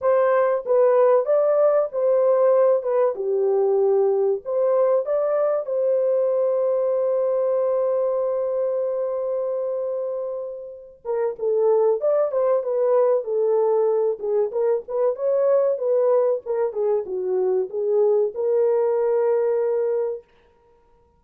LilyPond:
\new Staff \with { instrumentName = "horn" } { \time 4/4 \tempo 4 = 95 c''4 b'4 d''4 c''4~ | c''8 b'8 g'2 c''4 | d''4 c''2.~ | c''1~ |
c''4. ais'8 a'4 d''8 c''8 | b'4 a'4. gis'8 ais'8 b'8 | cis''4 b'4 ais'8 gis'8 fis'4 | gis'4 ais'2. | }